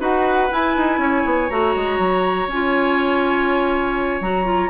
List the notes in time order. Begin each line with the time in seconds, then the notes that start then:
0.00 D#4 F#4 B4 F#5
0.52 E4 G#5
0.77 D#4
0.98 C#4 C#5
1.26 B3
1.50 A3 F#4 A#5
1.76 G#3
1.99 F#3
2.48 C#4 F4 G#5
4.21 F#3 F#4 A#5
4.45 F4